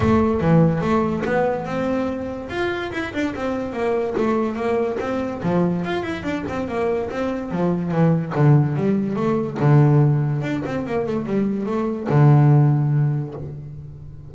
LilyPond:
\new Staff \with { instrumentName = "double bass" } { \time 4/4 \tempo 4 = 144 a4 e4 a4 b4 | c'2 f'4 e'8 d'8 | c'4 ais4 a4 ais4 | c'4 f4 f'8 e'8 d'8 c'8 |
ais4 c'4 f4 e4 | d4 g4 a4 d4~ | d4 d'8 c'8 ais8 a8 g4 | a4 d2. | }